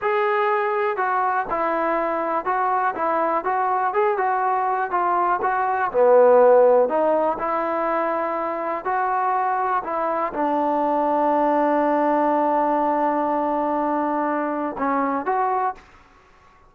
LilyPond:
\new Staff \with { instrumentName = "trombone" } { \time 4/4 \tempo 4 = 122 gis'2 fis'4 e'4~ | e'4 fis'4 e'4 fis'4 | gis'8 fis'4. f'4 fis'4 | b2 dis'4 e'4~ |
e'2 fis'2 | e'4 d'2.~ | d'1~ | d'2 cis'4 fis'4 | }